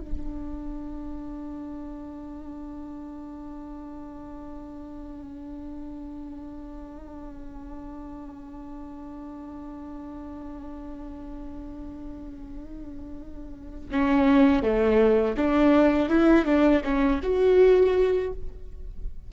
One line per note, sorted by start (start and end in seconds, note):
0.00 13.90 D4
13.91 14.63 C#4
14.63 15.36 A3
15.37 16.08 D4
16.08 16.45 E4
16.45 16.82 D4
16.84 17.20 C#4
17.23 18.32 F#4